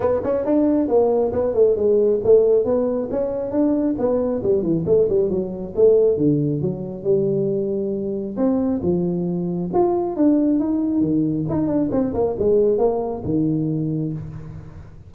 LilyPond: \new Staff \with { instrumentName = "tuba" } { \time 4/4 \tempo 4 = 136 b8 cis'8 d'4 ais4 b8 a8 | gis4 a4 b4 cis'4 | d'4 b4 g8 e8 a8 g8 | fis4 a4 d4 fis4 |
g2. c'4 | f2 f'4 d'4 | dis'4 dis4 dis'8 d'8 c'8 ais8 | gis4 ais4 dis2 | }